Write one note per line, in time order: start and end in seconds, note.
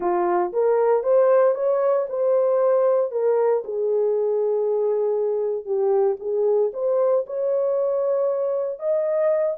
0.00 0.52 F4
0.53 1.03 A#4
1.03 1.54 C5
1.54 2.06 C#5
2.09 3.11 C5
3.11 3.63 A#4
3.64 5.65 G#4
5.65 6.16 G4
6.19 6.71 G#4
6.73 7.25 C5
7.26 8.79 C#5
8.79 9.57 D#5